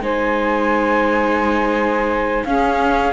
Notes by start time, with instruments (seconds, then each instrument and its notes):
0.00 cello G#3, viola D#4, saxophone C5, flute G#5
2.45 cello C#4, viola C#4, saxophone G#4, flute F5